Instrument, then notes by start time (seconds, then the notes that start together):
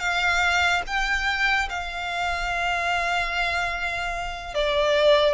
violin
0.00 F5
0.87 G5
1.70 F5
4.55 D5